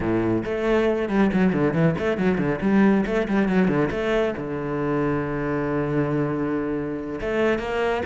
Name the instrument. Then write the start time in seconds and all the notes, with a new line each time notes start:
cello
0.00 A2
0.45 A3
1.08 G3
1.33 F#3
1.53 D3
1.73 E3
1.98 A3
2.17 F#3
2.38 D3
2.61 G3
3.06 A3
3.28 G3
3.48 F#3
3.68 D3
3.91 A3
4.37 D3
7.21 A3
7.58 A#3